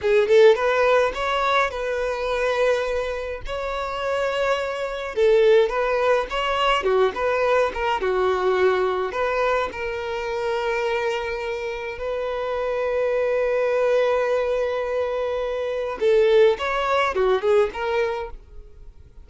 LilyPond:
\new Staff \with { instrumentName = "violin" } { \time 4/4 \tempo 4 = 105 gis'8 a'8 b'4 cis''4 b'4~ | b'2 cis''2~ | cis''4 a'4 b'4 cis''4 | fis'8 b'4 ais'8 fis'2 |
b'4 ais'2.~ | ais'4 b'2.~ | b'1 | a'4 cis''4 fis'8 gis'8 ais'4 | }